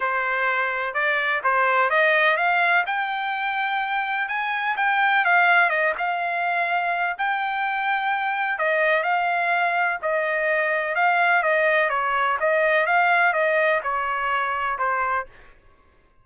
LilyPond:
\new Staff \with { instrumentName = "trumpet" } { \time 4/4 \tempo 4 = 126 c''2 d''4 c''4 | dis''4 f''4 g''2~ | g''4 gis''4 g''4 f''4 | dis''8 f''2~ f''8 g''4~ |
g''2 dis''4 f''4~ | f''4 dis''2 f''4 | dis''4 cis''4 dis''4 f''4 | dis''4 cis''2 c''4 | }